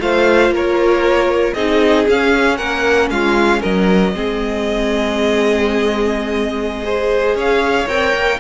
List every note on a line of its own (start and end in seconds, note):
0.00 0.50 A3
0.00 1.55 F4
0.00 0.54 C5
0.00 0.53 F5
0.50 1.53 A#3
0.50 1.55 A#4
0.56 1.54 C#5
1.54 2.06 C4
1.54 2.07 D#4
1.54 2.58 G#4
1.54 2.06 D#5
2.07 4.14 C#4
2.07 2.59 C#4
2.07 2.57 F5
2.57 3.10 A#3
2.57 3.09 A#4
2.57 3.09 F#5
3.10 3.62 G#3
3.10 3.60 F4
3.10 3.62 F5
3.60 4.14 F#3
3.60 4.12 A#4
3.60 7.38 D#5
4.14 7.35 G#3
4.14 6.83 C4
4.14 6.85 G#4
6.83 7.87 G#4
6.83 7.36 C5
7.35 7.86 C#4
7.35 8.40 C#5
7.35 7.88 F5
7.87 8.14 C4
7.87 8.39 A#4
7.87 8.40 G5
8.14 8.40 A#3